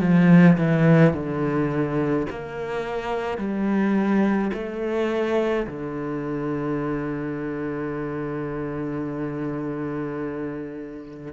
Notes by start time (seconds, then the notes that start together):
0.00 F3
0.57 E3
1.13 D3
2.30 A#3
3.38 G3
4.53 A3
5.67 D3